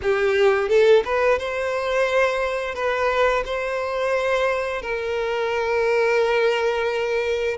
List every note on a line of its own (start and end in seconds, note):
0.02 0.68 G4
0.68 1.03 A4
1.04 1.38 B4
1.38 2.74 C5
2.74 3.43 B4
3.45 4.82 C5
4.82 7.57 A#4